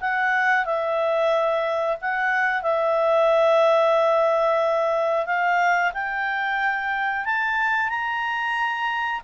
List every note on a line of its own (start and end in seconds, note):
0.00 0.65 F#5
0.65 1.97 E5
2.01 2.62 F#5
2.62 5.26 E5
5.26 5.92 F5
5.93 7.25 G5
7.25 7.89 A5
7.89 9.21 A#5